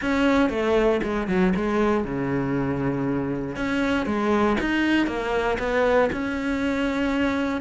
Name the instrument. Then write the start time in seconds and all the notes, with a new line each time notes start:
cello
0.01 C#4
0.49 A3
1.02 G#3
1.27 F#3
1.55 G#3
2.04 C#3
3.55 C#4
4.06 G#3
4.60 D#4
5.06 A#3
5.58 B3
6.12 C#4